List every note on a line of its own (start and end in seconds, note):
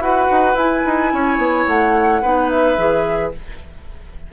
0.00 0.28 E4
0.00 0.56 F#4
0.00 1.14 B4
0.00 0.57 F#5
0.31 0.54 D#4
0.54 0.82 E4
0.54 2.23 E4
0.54 1.67 G#5
0.86 1.13 D#4
1.13 1.38 C#4
1.13 2.22 C#5
1.38 1.65 B3
1.67 2.23 A3
1.67 2.50 F#5
2.22 2.78 B3
2.22 2.77 D#4
2.22 3.32 B4
2.50 3.32 E5
2.77 3.33 E3
2.77 3.32 G#4